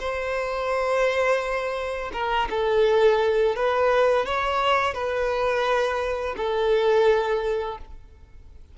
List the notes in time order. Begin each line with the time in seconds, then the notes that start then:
0.00 C5
2.13 A#4
2.51 A4
3.56 B4
4.26 C#5
4.95 B4
6.38 A4